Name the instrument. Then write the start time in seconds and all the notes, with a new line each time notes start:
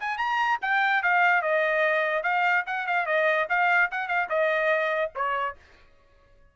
trumpet
0.00 G#5
0.18 A#5
0.62 G5
1.03 F5
1.42 D#5
2.24 F5
2.67 F#5
2.87 F5
3.06 D#5
3.50 F5
3.91 F#5
4.08 F5
4.29 D#5
5.15 C#5